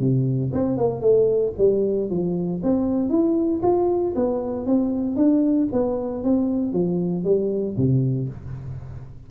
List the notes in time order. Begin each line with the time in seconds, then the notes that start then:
0.00 C3
0.53 C4
0.78 A#3
1.02 A3
1.58 G3
2.10 F3
2.64 C4
3.10 E4
3.63 F4
4.16 B3
4.66 C4
5.17 D4
5.73 B3
6.24 C4
6.73 F3
7.25 G3
7.77 C3